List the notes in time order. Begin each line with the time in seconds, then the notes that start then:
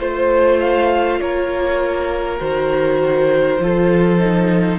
0.00 A3 F4 C5
0.60 F5
1.21 A#3 A#4 C#5
2.39 D#3 F#4 C5
3.59 F3 F4 A4
4.20 D#4